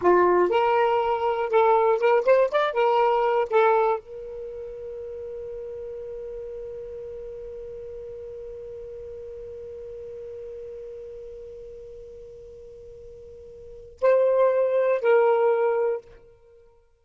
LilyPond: \new Staff \with { instrumentName = "saxophone" } { \time 4/4 \tempo 4 = 120 f'4 ais'2 a'4 | ais'8 c''8 d''8 ais'4. a'4 | ais'1~ | ais'1~ |
ais'1~ | ais'1~ | ais'1 | c''2 ais'2 | }